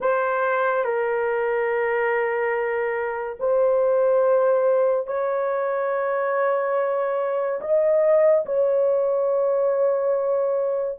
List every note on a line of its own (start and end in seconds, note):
0.00 0.84 C5
0.84 3.37 A#4
3.39 5.07 C5
5.07 7.60 C#5
7.60 8.45 D#5
8.45 10.98 C#5